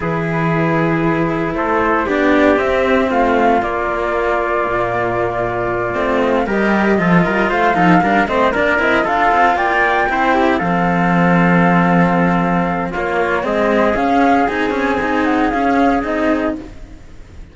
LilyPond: <<
  \new Staff \with { instrumentName = "flute" } { \time 4/4 \tempo 4 = 116 b'2. c''4 | d''4 e''4 f''4 d''4~ | d''1 | dis''16 f''16 dis''2 f''4. |
dis''8 d''8 dis''8 f''4 g''4.~ | g''8 f''2.~ f''8~ | f''4 cis''4 dis''4 f''4 | gis''4. fis''8 f''4 dis''4 | }
  \new Staff \with { instrumentName = "trumpet" } { \time 4/4 gis'2. a'4 | g'2 f'2~ | f'1~ | f'8 ais'4 a'8 ais'8 c''8 a'8 ais'8 |
c''8 ais'4 a'4 d''4 c''8 | g'8 a'2.~ a'8~ | a'4 f'4 gis'2~ | gis'1 | }
  \new Staff \with { instrumentName = "cello" } { \time 4/4 e'1 | d'4 c'2 ais4~ | ais2.~ ais8 c'8~ | c'8 g'4 f'4. dis'8 d'8 |
c'8 d'8 e'8 f'2 e'8~ | e'8 c'2.~ c'8~ | c'4 ais4 c'4 cis'4 | dis'8 cis'8 dis'4 cis'4 dis'4 | }
  \new Staff \with { instrumentName = "cello" } { \time 4/4 e2. a4 | b4 c'4 a4 ais4~ | ais4 ais,2~ ais,8 a8~ | a8 g4 f8 g8 a8 f8 g8 |
a8 ais8 c'8 d'8 c'8 ais4 c'8~ | c'8 f2.~ f8~ | f4 ais4 gis4 cis'4 | c'2 cis'4 c'4 | }
>>